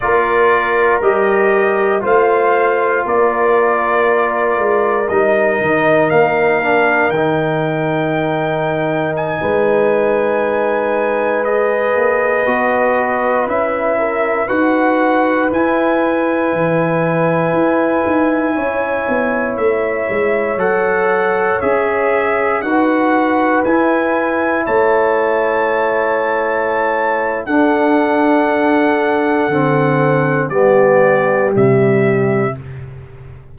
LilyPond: <<
  \new Staff \with { instrumentName = "trumpet" } { \time 4/4 \tempo 4 = 59 d''4 dis''4 f''4 d''4~ | d''4 dis''4 f''4 g''4~ | g''4 gis''2~ gis''16 dis''8.~ | dis''4~ dis''16 e''4 fis''4 gis''8.~ |
gis''2.~ gis''16 e''8.~ | e''16 fis''4 e''4 fis''4 gis''8.~ | gis''16 a''2~ a''8. fis''4~ | fis''2 d''4 e''4 | }
  \new Staff \with { instrumentName = "horn" } { \time 4/4 ais'2 c''4 ais'4~ | ais'1~ | ais'4~ ais'16 b'2~ b'8.~ | b'4.~ b'16 ais'8 b'4.~ b'16~ |
b'2~ b'16 cis''4.~ cis''16~ | cis''2~ cis''16 b'4.~ b'16~ | b'16 cis''2~ cis''8. a'4~ | a'2 g'2 | }
  \new Staff \with { instrumentName = "trombone" } { \time 4/4 f'4 g'4 f'2~ | f'4 dis'4. d'8 dis'4~ | dis'2.~ dis'16 gis'8.~ | gis'16 fis'4 e'4 fis'4 e'8.~ |
e'1~ | e'16 a'4 gis'4 fis'4 e'8.~ | e'2. d'4~ | d'4 c'4 b4 g4 | }
  \new Staff \with { instrumentName = "tuba" } { \time 4/4 ais4 g4 a4 ais4~ | ais8 gis8 g8 dis8 ais4 dis4~ | dis4~ dis16 gis2~ gis8 ais16~ | ais16 b4 cis'4 dis'4 e'8.~ |
e'16 e4 e'8 dis'8 cis'8 b8 a8 gis16~ | gis16 fis4 cis'4 dis'4 e'8.~ | e'16 a2~ a8. d'4~ | d'4 d4 g4 c4 | }
>>